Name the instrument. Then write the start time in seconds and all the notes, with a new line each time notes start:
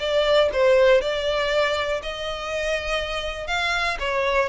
violin
0.00 D5
0.53 C5
1.02 D5
2.03 D#5
3.47 F5
4.00 C#5